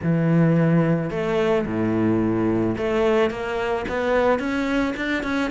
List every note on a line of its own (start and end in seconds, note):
0.03 1.10 E3
1.10 1.65 A3
1.66 2.76 A2
2.77 3.30 A3
3.30 3.85 A#3
3.88 4.39 B3
4.39 4.94 C#4
4.96 5.23 D4
5.23 5.50 C#4